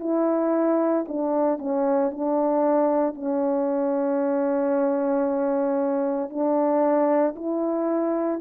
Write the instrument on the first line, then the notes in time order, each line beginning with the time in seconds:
horn
0.00 E4
1.08 D4
1.58 C#4
2.11 D4
3.15 C#4
6.30 D4
7.36 E4